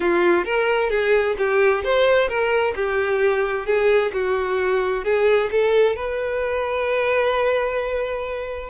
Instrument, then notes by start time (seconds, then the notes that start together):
violin
0.00 F4
0.45 A#4
0.90 G#4
1.38 G4
1.83 C5
2.28 A#4
2.75 G4
3.66 G#4
4.12 F#4
5.04 G#4
5.51 A4
5.96 B4